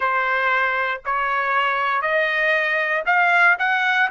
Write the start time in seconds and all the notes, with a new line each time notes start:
0.00 C5
1.04 C#5
2.01 D#5
3.06 F5
3.58 F#5